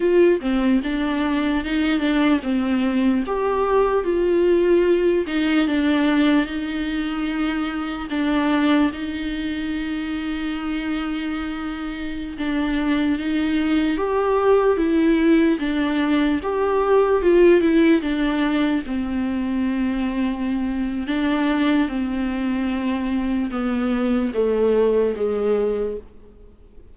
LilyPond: \new Staff \with { instrumentName = "viola" } { \time 4/4 \tempo 4 = 74 f'8 c'8 d'4 dis'8 d'8 c'4 | g'4 f'4. dis'8 d'4 | dis'2 d'4 dis'4~ | dis'2.~ dis'16 d'8.~ |
d'16 dis'4 g'4 e'4 d'8.~ | d'16 g'4 f'8 e'8 d'4 c'8.~ | c'2 d'4 c'4~ | c'4 b4 a4 gis4 | }